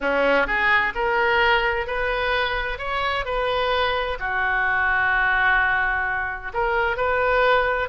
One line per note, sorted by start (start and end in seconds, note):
0.01 0.46 C#4
0.46 0.93 G#4
0.95 1.86 A#4
1.86 2.78 B4
2.78 3.25 C#5
3.25 4.18 B4
4.19 6.52 F#4
6.53 6.96 A#4
6.96 7.88 B4